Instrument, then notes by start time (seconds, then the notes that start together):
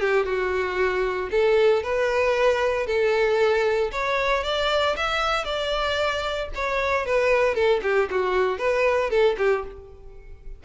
violin
0.00 G4
0.25 F#4
1.31 A4
1.83 B4
2.86 A4
3.92 C#5
4.43 D5
4.96 E5
5.45 D5
6.55 C#5
7.05 B4
7.54 A4
7.83 G4
8.10 F#4
8.58 B4
9.10 A4
9.38 G4